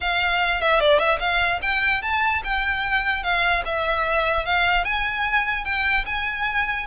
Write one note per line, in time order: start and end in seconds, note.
0.01 0.61 F5
0.61 0.80 E5
0.80 0.98 D5
0.98 1.18 E5
1.19 1.60 F5
1.62 2.02 G5
2.02 2.42 A5
2.44 3.23 G5
3.23 3.63 F5
3.65 4.45 E5
4.45 4.84 F5
4.84 5.64 G#5
5.64 6.05 G5
6.05 6.86 G#5